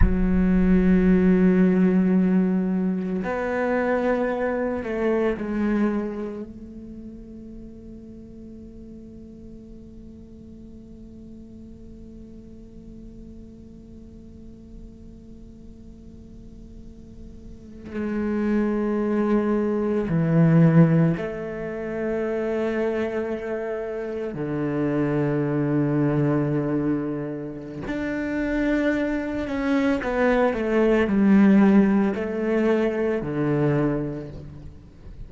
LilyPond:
\new Staff \with { instrumentName = "cello" } { \time 4/4 \tempo 4 = 56 fis2. b4~ | b8 a8 gis4 a2~ | a1~ | a1~ |
a8. gis2 e4 a16~ | a2~ a8. d4~ d16~ | d2 d'4. cis'8 | b8 a8 g4 a4 d4 | }